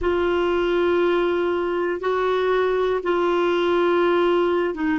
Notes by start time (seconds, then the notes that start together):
0.00 F4
2.00 F#4
3.03 F4
4.74 D#4